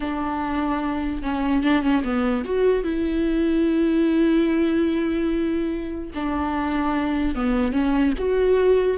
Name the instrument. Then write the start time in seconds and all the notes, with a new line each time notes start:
viola
0.00 D4
1.22 C#4
1.63 D4
1.82 C#4
2.04 B3
2.45 F#4
2.83 E4
6.14 D4
7.35 B3
7.72 C#4
8.18 F#4